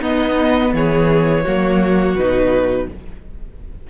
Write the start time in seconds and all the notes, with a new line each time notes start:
0.00 B3 D#4 D#5
0.73 E3 G#4 C#5
1.44 F#3 A#3 F#4
2.15 B2 D#4 B4